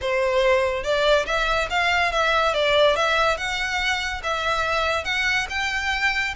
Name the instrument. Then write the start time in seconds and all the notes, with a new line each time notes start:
violin
0.01 C5
0.83 D5
1.26 E5
1.70 F5
2.12 E5
2.54 D5
2.95 E5
3.37 F#5
4.23 E5
5.04 F#5
5.49 G5